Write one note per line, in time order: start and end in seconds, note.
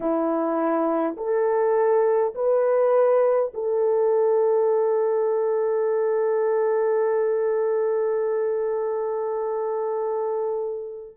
0.00 1.16 E4
1.17 2.34 A4
2.35 3.52 B4
3.53 11.17 A4